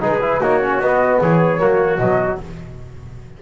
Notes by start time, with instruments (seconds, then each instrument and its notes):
0.00 double bass G#3, trombone D#4, trumpet G#4, flute B4
0.21 trombone E4
0.40 double bass A#3, trombone D#4, trumpet F#4, flute C#5
0.62 trombone C#4
0.79 double bass B3, trombone B3, flute D#5
1.21 double bass E3, trumpet G#4, flute C#5
1.58 double bass F#3, trombone A#3, trumpet F#4
1.98 double bass B2, trombone F#3, flute D#5